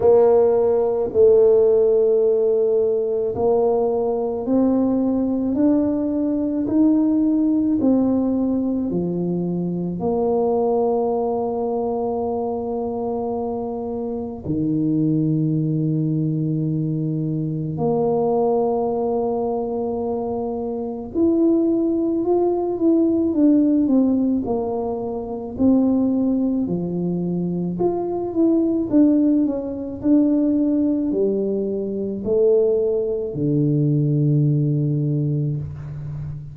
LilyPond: \new Staff \with { instrumentName = "tuba" } { \time 4/4 \tempo 4 = 54 ais4 a2 ais4 | c'4 d'4 dis'4 c'4 | f4 ais2.~ | ais4 dis2. |
ais2. e'4 | f'8 e'8 d'8 c'8 ais4 c'4 | f4 f'8 e'8 d'8 cis'8 d'4 | g4 a4 d2 | }